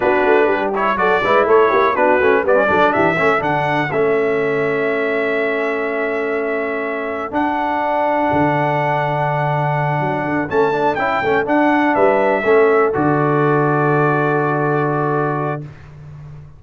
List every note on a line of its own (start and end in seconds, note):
0.00 0.24 B3
0.00 0.73 D4
0.00 0.45 F#4
0.00 0.71 B4
0.24 0.49 A3
0.45 0.95 G3
0.45 0.94 G4
0.74 0.96 E4
0.74 0.97 C#5
0.95 1.20 F#3
0.95 1.21 F#4
0.95 1.23 A4
0.95 1.46 D5
1.22 1.46 G#3
1.22 1.95 E4
1.22 1.47 B4
1.46 1.70 A3
1.46 1.69 A4
1.46 1.95 C#5
1.69 1.95 A#3
1.69 1.93 G4
1.95 2.20 B3
1.95 2.19 D4
1.95 2.42 F#4
1.95 2.44 B4
2.20 2.43 A3
2.20 2.45 C#4
2.42 2.67 G3
2.42 2.54 B3
2.42 2.67 B4
2.42 2.92 D5
2.54 2.66 C#4
2.66 2.93 F#3
2.66 3.15 D4
2.66 2.94 A4
2.92 3.18 E3
2.92 3.15 G4
2.92 3.41 E5
3.15 3.40 A3
3.15 3.39 C#4
3.15 11.93 A4
3.39 3.89 D3
3.39 3.87 D4
3.39 3.91 F#5
3.91 7.31 A3
3.91 7.31 C#4
3.91 7.33 E5
7.31 8.28 D4
7.31 10.48 D4
7.31 10.50 F#5
8.32 10.00 D3
10.00 10.24 F#3
10.24 10.49 D3
10.49 10.97 A3
10.49 10.72 C#4
10.49 10.95 A5
10.72 10.96 D4
10.95 11.21 C#4
10.95 11.22 E4
10.95 11.43 G5
11.21 11.46 A3
11.21 11.45 C#4
11.45 12.42 D4
11.45 11.95 D4
11.45 11.94 F#5
11.94 12.44 G3
11.94 12.43 B4
11.94 12.92 E5
12.44 12.92 A3
12.44 12.93 C#4
12.44 15.61 A4
12.93 15.63 D3
12.93 15.61 F#4
12.93 15.63 D5